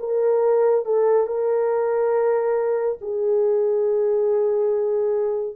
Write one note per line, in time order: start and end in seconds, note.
0.00 0.86 A#4
0.86 1.27 A4
1.27 2.99 A#4
3.02 5.56 G#4